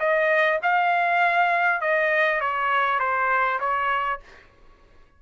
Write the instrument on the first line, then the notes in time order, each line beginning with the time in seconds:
trumpet
0.00 D#5
0.63 F5
1.81 D#5
2.41 C#5
3.00 C5
3.60 C#5